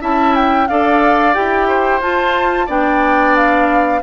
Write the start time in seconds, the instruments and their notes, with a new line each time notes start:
0.00 bassoon C#4, clarinet E4, oboe E5, flute A5
0.35 flute G5
0.68 bassoon D4, clarinet A4, oboe D5, flute F5
1.33 bassoon E4, clarinet G4, flute G5
1.67 oboe C5
2.00 bassoon F4, clarinet F4, flute A5
2.66 bassoon B3, clarinet D4, oboe D5, flute G5
3.36 flute F5